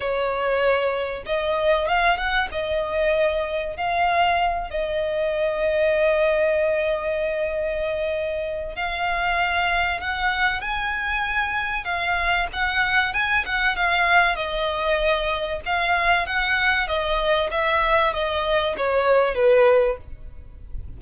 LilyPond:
\new Staff \with { instrumentName = "violin" } { \time 4/4 \tempo 4 = 96 cis''2 dis''4 f''8 fis''8 | dis''2 f''4. dis''8~ | dis''1~ | dis''2 f''2 |
fis''4 gis''2 f''4 | fis''4 gis''8 fis''8 f''4 dis''4~ | dis''4 f''4 fis''4 dis''4 | e''4 dis''4 cis''4 b'4 | }